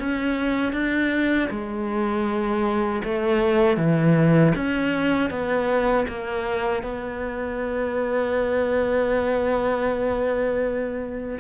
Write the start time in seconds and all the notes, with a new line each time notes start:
0.00 C#4
0.73 D4
1.51 G#3
3.04 A3
3.77 E3
4.56 C#4
5.31 B3
6.09 A#3
6.83 B3